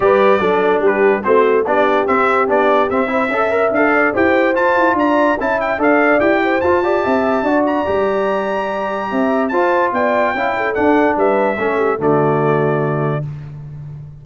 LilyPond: <<
  \new Staff \with { instrumentName = "trumpet" } { \time 4/4 \tempo 4 = 145 d''2 b'4 c''4 | d''4 e''4 d''4 e''4~ | e''4 f''4 g''4 a''4 | ais''4 a''8 g''8 f''4 g''4 |
a''2~ a''8 ais''4.~ | ais''2. a''4 | g''2 fis''4 e''4~ | e''4 d''2. | }
  \new Staff \with { instrumentName = "horn" } { \time 4/4 b'4 a'4 g'4 fis'4 | g'2.~ g'8 c''8 | e''4. d''8 c''2 | d''4 e''4 d''4. c''8~ |
c''8 d''8 e''4 d''2~ | d''2 e''4 c''4 | d''4 f''8 a'4. b'4 | a'8 g'8 fis'2. | }
  \new Staff \with { instrumentName = "trombone" } { \time 4/4 g'4 d'2 c'4 | d'4 c'4 d'4 c'8 e'8 | a'8 ais'8 a'4 g'4 f'4~ | f'4 e'4 a'4 g'4 |
f'8 g'4. fis'4 g'4~ | g'2. f'4~ | f'4 e'4 d'2 | cis'4 a2. | }
  \new Staff \with { instrumentName = "tuba" } { \time 4/4 g4 fis4 g4 a4 | b4 c'4 b4 c'4 | cis'4 d'4 e'4 f'8 e'8 | d'4 cis'4 d'4 e'4 |
f'4 c'4 d'4 g4~ | g2 c'4 f'4 | b4 cis'4 d'4 g4 | a4 d2. | }
>>